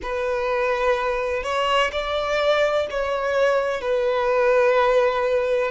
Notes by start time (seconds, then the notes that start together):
0.02 B4
1.43 C#5
1.92 D5
2.90 C#5
3.81 B4